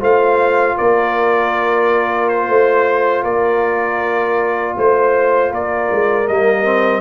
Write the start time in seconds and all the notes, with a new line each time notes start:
0.00 A3 F4 C5 F5
0.78 A#3 A#4 D5
2.29 C5
2.48 A3 C5
3.24 A#3 A#4 D5
4.77 A3 C5
5.51 A#3 A#4 D5
5.92 G#3
6.28 G3 A#3 D#5
6.65 C4